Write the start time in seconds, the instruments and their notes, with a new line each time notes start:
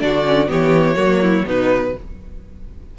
0.00 cello D3, viola D4, violin F#4 D5
0.25 viola C#4
0.47 cello E3, viola B3, violin G4 C#5
0.95 cello F#3, viola A#3, violin F#4
1.21 violin E4
1.45 cello B2, viola B3, violin D#4 B4